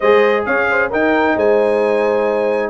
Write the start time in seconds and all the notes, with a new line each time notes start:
0.00 G#3 G#4 C5 D#5
0.45 C#4 C#5 F5
0.70 C5
0.90 D#4 A#4 G5
1.36 G#3 C5 G#5